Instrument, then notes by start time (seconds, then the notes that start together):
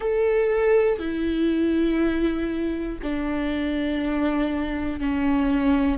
viola
0.00 A4
0.98 E4
3.02 D4
5.00 C#4